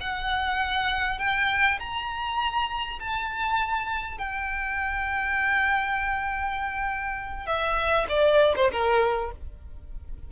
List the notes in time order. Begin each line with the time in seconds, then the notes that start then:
0.00 F#5
1.19 G5
1.79 A#5
2.99 A5
4.18 G5
7.46 E5
8.09 D5
8.56 C5
8.71 A#4